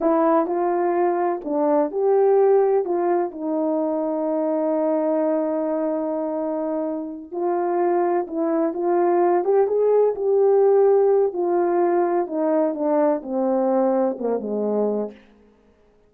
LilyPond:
\new Staff \with { instrumentName = "horn" } { \time 4/4 \tempo 4 = 127 e'4 f'2 d'4 | g'2 f'4 dis'4~ | dis'1~ | dis'2.~ dis'8 f'8~ |
f'4. e'4 f'4. | g'8 gis'4 g'2~ g'8 | f'2 dis'4 d'4 | c'2 ais8 gis4. | }